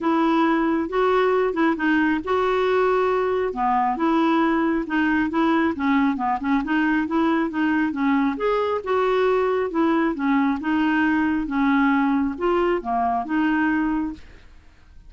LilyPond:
\new Staff \with { instrumentName = "clarinet" } { \time 4/4 \tempo 4 = 136 e'2 fis'4. e'8 | dis'4 fis'2. | b4 e'2 dis'4 | e'4 cis'4 b8 cis'8 dis'4 |
e'4 dis'4 cis'4 gis'4 | fis'2 e'4 cis'4 | dis'2 cis'2 | f'4 ais4 dis'2 | }